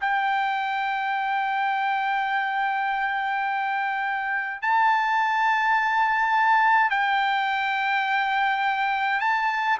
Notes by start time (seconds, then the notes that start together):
0.00 G5
4.62 A5
6.90 G5
9.20 A5